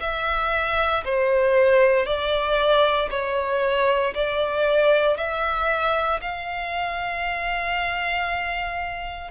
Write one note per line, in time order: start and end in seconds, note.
0.00 1.03 E5
1.04 2.05 C5
2.05 3.09 D5
3.10 4.14 C#5
4.14 5.17 D5
5.17 6.20 E5
6.21 9.31 F5